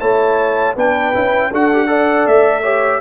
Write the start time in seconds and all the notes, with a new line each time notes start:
0.00 A3 E4 C#5 A5
0.75 B3 D4 B4 G5
1.14 C#4 E4
1.51 D4 F#4 A4 F#5
1.73 G4
1.87 A4 D5
2.27 A3 E5
2.63 G4 C#5